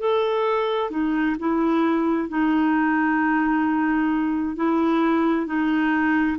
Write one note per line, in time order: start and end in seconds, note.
0.00 0.91 A4
0.91 1.36 D#4
1.40 2.29 E4
2.29 4.56 D#4
4.56 5.47 E4
5.47 6.38 D#4